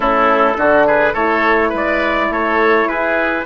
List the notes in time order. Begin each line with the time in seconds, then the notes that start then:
0.00 A3 C#4 E4 A4
0.57 D3 D4 F#4
0.86 G#4 B4
1.13 A3 E4 A4 C#5
1.69 G#3 B4
1.76 D5
2.29 A3 A4 C#5
2.85 E4 G#4 B4